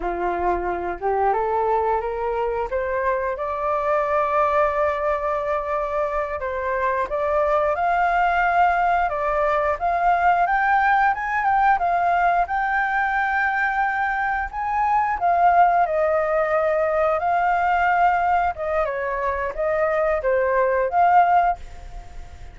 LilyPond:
\new Staff \with { instrumentName = "flute" } { \time 4/4 \tempo 4 = 89 f'4. g'8 a'4 ais'4 | c''4 d''2.~ | d''4. c''4 d''4 f''8~ | f''4. d''4 f''4 g''8~ |
g''8 gis''8 g''8 f''4 g''4.~ | g''4. gis''4 f''4 dis''8~ | dis''4. f''2 dis''8 | cis''4 dis''4 c''4 f''4 | }